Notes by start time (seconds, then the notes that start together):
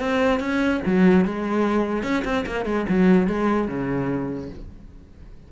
0.00 C4
0.40 C#4
0.86 F#3
1.25 G#3
2.03 C#4
2.24 C4
2.46 A#3
2.65 G#3
2.89 F#3
3.28 G#3
3.68 C#3